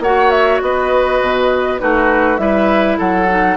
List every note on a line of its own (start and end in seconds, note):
0.00 0.59 A#3
0.00 1.79 F#4
0.00 0.62 C#5
0.00 0.30 F#5
0.30 0.60 E5
0.61 1.21 B3
0.61 1.81 B4
0.61 1.80 D#5
1.21 1.81 B2
1.79 2.38 A3
1.79 2.38 D#4
1.79 2.41 F#4
1.79 2.37 B4
2.37 2.98 G3
2.37 3.27 E4
2.37 2.98 B4
2.37 2.97 E5
2.98 3.57 F#3
2.98 3.57 A4
2.98 3.57 F#5
3.29 3.57 D#4